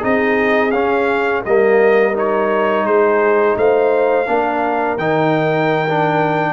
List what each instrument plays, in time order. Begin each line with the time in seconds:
0.00 tuba C4, trombone D#4, horn G#4, trumpet D#5
0.71 tuba C#4, trombone C#4, trumpet F5
1.45 tuba G3, trombone A#3, horn A#4, trumpet D#5
2.14 trombone D#4, trumpet C#5
2.84 tuba G#3, horn G#4, trumpet C5
3.56 tuba A3, horn C5, trumpet F5
4.27 tuba A#3, trombone D4, horn A#4
4.97 tuba D#3, trombone D#4, trumpet G5
5.89 trombone D4